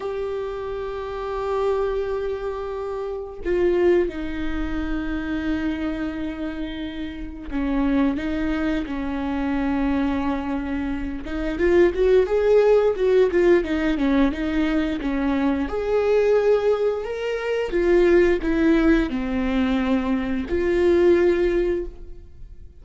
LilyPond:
\new Staff \with { instrumentName = "viola" } { \time 4/4 \tempo 4 = 88 g'1~ | g'4 f'4 dis'2~ | dis'2. cis'4 | dis'4 cis'2.~ |
cis'8 dis'8 f'8 fis'8 gis'4 fis'8 f'8 | dis'8 cis'8 dis'4 cis'4 gis'4~ | gis'4 ais'4 f'4 e'4 | c'2 f'2 | }